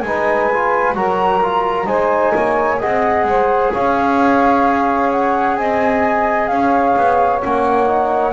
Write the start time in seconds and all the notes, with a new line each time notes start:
0.00 G#3 D#4 B4 G#5
0.52 F4
0.94 F#3 F#4 A#4 A#5
1.42 F4
1.85 G#3 D#4 C5 G#5
2.33 A#3 C#5
2.77 G#4 D#5 F#5
2.85 C4
3.23 G#3 C5
3.72 C#4 C#5 F5
5.11 F#5
5.56 C4 D#5 G#5
6.47 C#4 C#5 F5
6.96 B3
7.41 A#3 C#4 F#5
7.86 D#4